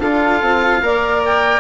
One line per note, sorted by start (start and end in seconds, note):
0.00 0.42 D4
0.00 0.83 F4
0.00 0.81 A4
0.00 1.22 F5
0.42 0.82 C4
0.82 1.60 A#3
0.82 1.60 A#4
0.82 1.60 D5
1.26 1.60 G5